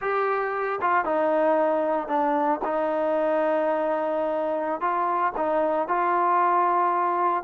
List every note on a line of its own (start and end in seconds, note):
0.01 0.79 G4
0.81 1.05 F4
1.05 2.08 D#4
2.08 2.60 D4
2.64 4.80 D#4
4.80 5.32 F4
5.36 5.88 D#4
5.88 7.43 F4